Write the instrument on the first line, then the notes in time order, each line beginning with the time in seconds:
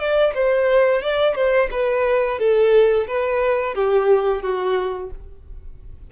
violin
0.00 D5
0.35 C5
1.02 D5
1.35 C5
1.71 B4
2.39 A4
3.08 B4
3.75 G4
4.43 F#4